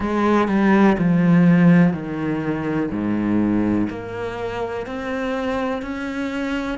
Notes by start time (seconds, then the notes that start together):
0.00 G#3
0.48 G3
0.98 F3
1.93 D#3
2.91 G#2
3.89 A#3
4.86 C4
5.82 C#4